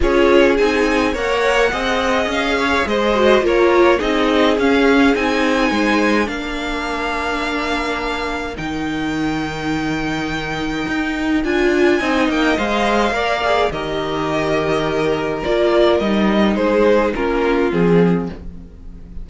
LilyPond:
<<
  \new Staff \with { instrumentName = "violin" } { \time 4/4 \tempo 4 = 105 cis''4 gis''4 fis''2 | f''4 dis''4 cis''4 dis''4 | f''4 gis''2 f''4~ | f''2. g''4~ |
g''1 | gis''4. g''8 f''2 | dis''2. d''4 | dis''4 c''4 ais'4 gis'4 | }
  \new Staff \with { instrumentName = "violin" } { \time 4/4 gis'2 cis''4 dis''4~ | dis''8 cis''8 c''4 ais'4 gis'4~ | gis'2 c''4 ais'4~ | ais'1~ |
ais'1~ | ais'4 dis''2 d''4 | ais'1~ | ais'4 gis'4 f'2 | }
  \new Staff \with { instrumentName = "viola" } { \time 4/4 f'4 dis'4 ais'4 gis'4~ | gis'4. fis'8 f'4 dis'4 | cis'4 dis'2 d'4~ | d'2. dis'4~ |
dis'1 | f'4 dis'4 c''4 ais'8 gis'8 | g'2. f'4 | dis'2 cis'4 c'4 | }
  \new Staff \with { instrumentName = "cello" } { \time 4/4 cis'4 c'4 ais4 c'4 | cis'4 gis4 ais4 c'4 | cis'4 c'4 gis4 ais4~ | ais2. dis4~ |
dis2. dis'4 | d'4 c'8 ais8 gis4 ais4 | dis2. ais4 | g4 gis4 ais4 f4 | }
>>